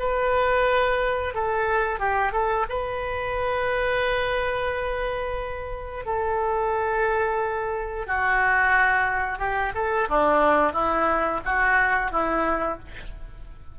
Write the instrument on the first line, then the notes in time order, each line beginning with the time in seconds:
oboe
0.00 B4
1.35 A4
2.00 G4
2.33 A4
2.69 B4
6.06 A4
8.07 F#4
9.39 G4
9.75 A4
10.09 D4
10.73 E4
11.45 F#4
12.12 E4